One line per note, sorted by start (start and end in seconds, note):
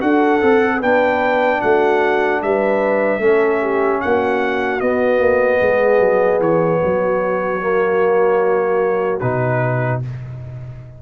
0.00 0.42 D4
0.00 0.40 F#4
0.00 0.79 A4
0.00 0.81 F#5
0.41 0.82 C4
0.41 0.81 A4
0.79 1.62 B3
0.79 3.21 D4
0.79 1.59 B4
0.79 1.61 G5
1.61 2.43 A3
1.61 2.41 F#4
1.61 2.41 F#5
2.42 3.19 G3
2.42 3.21 B4
2.42 4.01 E5
3.19 3.99 A3
3.19 4.81 C#4
3.19 3.61 A4
3.61 4.01 G4
4.01 4.81 A#3
4.01 5.60 F#4
4.01 4.80 F#5
4.80 7.61 B3
4.80 5.20 B3
4.80 6.40 D#5
5.20 5.60 A#3
5.60 5.99 G#3
5.60 6.80 G#4
5.99 6.39 F#3
6.40 6.80 E3
6.40 9.19 C#5
6.82 9.22 F#3
6.82 10.02 F#4
7.61 9.21 A#3
9.19 10.02 B2
9.19 10.02 D#4
9.19 9.99 B4